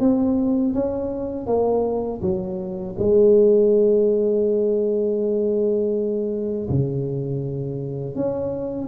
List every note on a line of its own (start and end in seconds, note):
0.00 0.74 C4
0.74 1.47 C#4
1.47 2.21 A#3
2.22 2.96 F#3
2.99 6.69 G#3
6.70 8.15 C#3
8.15 8.88 C#4